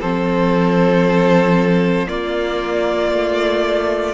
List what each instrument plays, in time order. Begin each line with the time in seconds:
0.00 cello F3, viola C4, violin A4 C5
2.07 viola A#3, cello A#3, violin F4 D5
3.11 cello A3